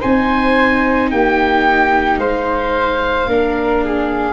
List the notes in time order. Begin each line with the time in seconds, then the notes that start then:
0.00 C4 D#4 C5 G#5
1.11 A#3 G4 G5
2.18 G#3 C5 F5
3.27 A#3 D4 A#4
3.85 G#4